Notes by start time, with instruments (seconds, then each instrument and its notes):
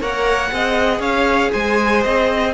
0.00 cello A#3, viola A#4, violin C#5 F#5
0.52 cello C4, viola G#4, violin D#5
0.99 cello C#4, violin C#5 F5
1.52 cello G#3, violin C5 G#5
2.03 cello C4, violin D#5